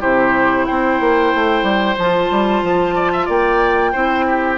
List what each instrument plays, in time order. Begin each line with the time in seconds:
0.00 bassoon C3, clarinet E4, oboe G4, flute C5
0.66 bassoon C4, oboe C5, flute G5
1.00 bassoon A#3
1.35 bassoon A3
1.63 bassoon G3
1.98 bassoon F3, clarinet F4, flute A5
2.30 bassoon G3
2.63 bassoon F3
2.95 oboe D5
3.12 oboe E5
3.26 bassoon A#3, oboe D5, flute G5
3.92 bassoon C4, clarinet E4, oboe C5
4.27 oboe G4